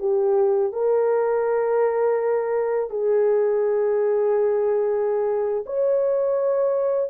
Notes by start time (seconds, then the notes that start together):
0.00 G4
0.73 A#4
2.90 G#4
5.66 C#5